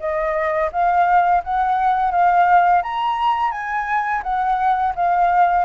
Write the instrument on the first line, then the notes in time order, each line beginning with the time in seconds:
flute
0.00 D#5
0.73 F5
1.44 F#5
2.12 F5
2.83 A#5
3.51 G#5
4.24 F#5
4.95 F5